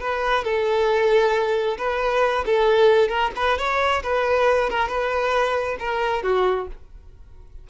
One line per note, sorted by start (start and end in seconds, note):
0.00 0.44 B4
0.44 1.77 A4
1.78 2.44 B4
2.45 3.08 A4
3.08 3.31 A#4
3.36 3.58 B4
3.58 4.02 C#5
4.03 4.69 B4
4.70 4.88 A#4
4.88 5.77 B4
5.79 6.23 A#4
6.23 6.67 F#4